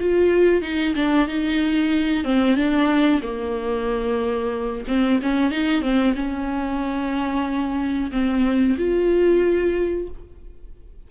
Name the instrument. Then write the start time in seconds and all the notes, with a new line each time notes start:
viola
0.00 F4
0.62 D#4
0.95 D4
1.28 D#4
2.24 C4
2.56 D4
3.22 A#3
4.88 C4
5.22 C#4
5.51 D#4
5.82 C4
6.15 C#4
8.12 C4
8.78 F4